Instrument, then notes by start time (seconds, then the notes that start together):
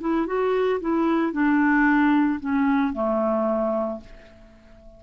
clarinet
0.00 E4
0.26 F#4
0.80 E4
1.32 D4
2.40 C#4
2.93 A3